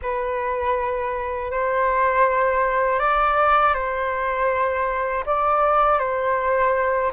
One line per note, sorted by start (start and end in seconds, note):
0.02 1.51 B4
1.51 2.99 C5
2.99 3.74 D5
3.74 5.24 C5
5.25 5.99 D5
5.99 7.11 C5